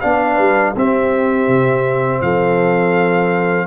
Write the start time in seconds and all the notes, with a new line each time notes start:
0.00 B3 D4 D5 F5
0.35 G3 B4
0.76 C4 G4 E5
1.47 C3
2.21 F3 A4 F5